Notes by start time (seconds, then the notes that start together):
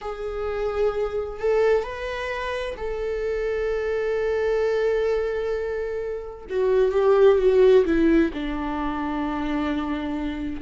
0.01 G#4
1.39 A4
1.83 B4
2.77 A4
6.49 F#4
6.92 G4
7.38 F#4
7.85 E4
8.33 D4